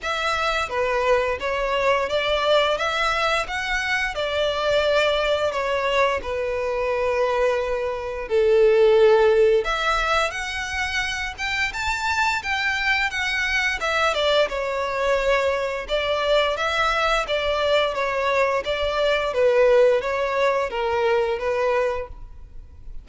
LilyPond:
\new Staff \with { instrumentName = "violin" } { \time 4/4 \tempo 4 = 87 e''4 b'4 cis''4 d''4 | e''4 fis''4 d''2 | cis''4 b'2. | a'2 e''4 fis''4~ |
fis''8 g''8 a''4 g''4 fis''4 | e''8 d''8 cis''2 d''4 | e''4 d''4 cis''4 d''4 | b'4 cis''4 ais'4 b'4 | }